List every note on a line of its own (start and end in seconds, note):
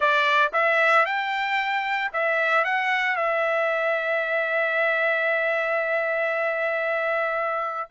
0.00 0.51 D5
0.52 1.05 E5
1.05 2.11 G5
2.12 2.64 E5
2.64 3.16 F#5
3.16 7.89 E5